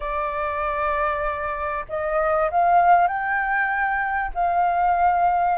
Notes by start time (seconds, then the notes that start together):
0.00 D5
1.88 D#5
2.51 F5
3.07 G5
4.34 F5